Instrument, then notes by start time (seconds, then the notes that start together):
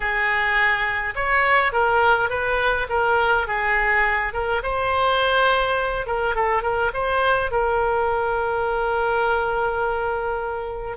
oboe
0.00 G#4
1.15 C#5
1.72 A#4
2.29 B4
2.89 A#4
3.47 G#4
4.33 A#4
4.63 C5
6.06 A#4
6.35 A4
6.62 A#4
6.93 C5
7.51 A#4